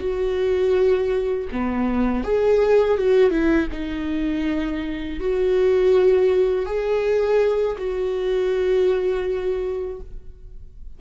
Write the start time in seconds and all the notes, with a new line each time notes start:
0.00 F#4
1.52 B3
2.24 G#4
2.98 F#4
3.31 E4
3.72 D#4
5.20 F#4
6.66 G#4
7.78 F#4